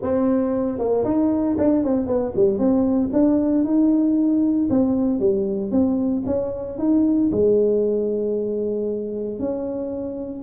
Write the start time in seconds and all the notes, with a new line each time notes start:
0.01 C4
0.78 A#3
1.04 D#4
1.58 D4
1.84 C4
2.06 B3
2.35 G3
2.58 C4
3.12 D4
3.64 D#4
4.70 C4
5.19 G3
5.71 C4
6.26 C#4
6.78 D#4
7.31 G#3
9.39 C#4